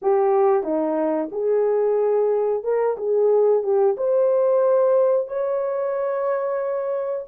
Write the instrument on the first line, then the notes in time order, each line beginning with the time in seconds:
horn
0.02 G4
0.63 D#4
1.31 G#4
2.63 A#4
2.97 G#4
3.63 G4
3.97 C5
5.27 C#5